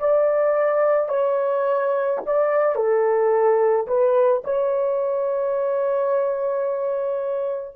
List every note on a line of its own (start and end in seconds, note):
0.00 1.09 D5
1.09 2.20 C#5
2.26 2.76 D5
2.76 3.87 A4
3.87 4.43 B4
4.44 7.76 C#5